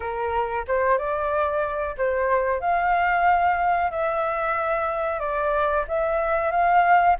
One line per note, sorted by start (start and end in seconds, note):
0.00 0.65 A#4
0.67 0.98 C5
0.98 1.95 D5
1.97 2.60 C5
2.60 3.90 F5
3.90 5.19 E5
5.19 5.85 D5
5.88 6.51 E5
6.51 7.16 F5